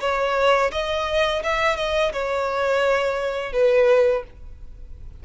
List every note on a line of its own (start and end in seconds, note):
0.00 0.71 C#5
0.72 1.42 D#5
1.42 1.76 E5
1.76 2.12 D#5
2.12 3.52 C#5
3.52 4.23 B4